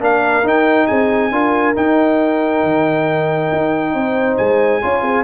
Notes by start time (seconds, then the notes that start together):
0.00 A#3 D4 A#4 F5
0.43 D#4 G5
0.87 C4 G#4 G#5
1.32 D4 F4 A#4
1.76 D#4 G5
2.64 D#3
3.52 D#4
3.94 C4 C5
4.37 G#3 G#5
4.82 C#4 F4 C#5
5.02 C4 G#4